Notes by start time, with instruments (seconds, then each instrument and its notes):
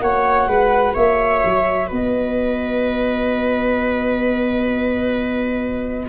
0.00 tuba A#3, cello F#4, viola C#5, flute F#5
0.47 tuba G#3, viola B4
0.94 tuba A#3, viola C#5, flute E5
1.45 tuba F#3
1.88 tuba B3, viola B4, flute D#5